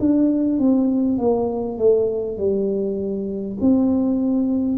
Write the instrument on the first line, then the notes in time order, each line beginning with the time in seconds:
tuba
0.00 D4
0.59 C4
1.19 A#3
1.79 A3
2.38 G3
3.61 C4